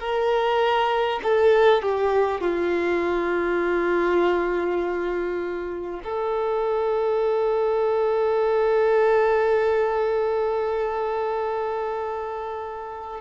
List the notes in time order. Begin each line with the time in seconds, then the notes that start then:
0.00 A#4
1.23 A4
1.82 G4
2.41 F4
6.04 A4